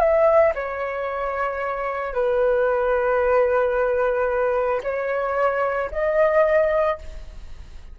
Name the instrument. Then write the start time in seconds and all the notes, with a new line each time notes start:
flute
0.00 E5
0.55 C#5
2.14 B4
4.84 C#5
5.92 D#5